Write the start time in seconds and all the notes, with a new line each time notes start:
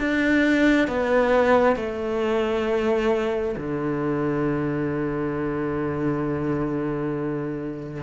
0.00 D4
0.88 B3
1.76 A3
3.57 D3